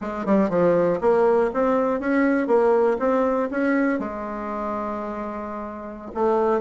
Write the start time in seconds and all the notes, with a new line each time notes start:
0.01 G#3
0.25 G3
0.49 F3
1.00 A#3
1.53 C4
2.00 C#4
2.47 A#3
2.99 C4
3.50 C#4
3.99 G#3
6.14 A3